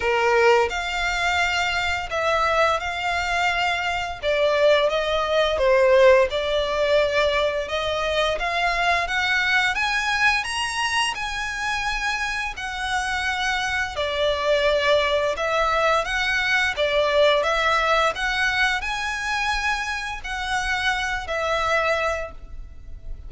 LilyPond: \new Staff \with { instrumentName = "violin" } { \time 4/4 \tempo 4 = 86 ais'4 f''2 e''4 | f''2 d''4 dis''4 | c''4 d''2 dis''4 | f''4 fis''4 gis''4 ais''4 |
gis''2 fis''2 | d''2 e''4 fis''4 | d''4 e''4 fis''4 gis''4~ | gis''4 fis''4. e''4. | }